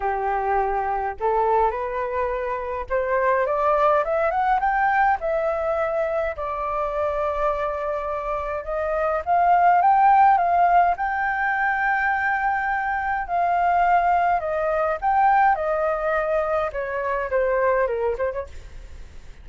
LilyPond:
\new Staff \with { instrumentName = "flute" } { \time 4/4 \tempo 4 = 104 g'2 a'4 b'4~ | b'4 c''4 d''4 e''8 fis''8 | g''4 e''2 d''4~ | d''2. dis''4 |
f''4 g''4 f''4 g''4~ | g''2. f''4~ | f''4 dis''4 g''4 dis''4~ | dis''4 cis''4 c''4 ais'8 c''16 cis''16 | }